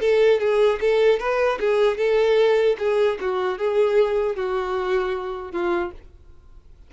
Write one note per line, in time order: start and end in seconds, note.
0.00 0.39 A4
0.40 0.79 G#4
0.80 1.19 A4
1.19 1.59 B4
1.60 1.97 G#4
1.97 2.76 A4
2.78 3.18 G#4
3.20 3.58 F#4
3.58 4.36 G#4
4.36 5.52 F#4
5.52 5.91 F4